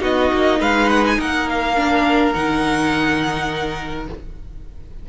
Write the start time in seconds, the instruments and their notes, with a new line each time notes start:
0.00 cello B3, viola D#4, violin F#4 D#5
0.33 cello A#3
0.60 cello G#3, violin B4 F5
0.90 violin F#5
1.07 violin G#5
1.19 cello A#3, violin A#4 F#5
1.50 violin F5
1.77 viola D4
2.34 cello D#3, viola D#4, violin F#5